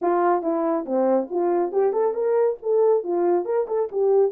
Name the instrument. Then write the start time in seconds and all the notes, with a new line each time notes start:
horn
0.01 F4
0.42 E4
0.85 C4
1.30 F4
1.71 G4
1.92 A4
2.14 A#4
2.62 A4
3.03 F4
3.45 A#4
3.67 A4
3.91 G4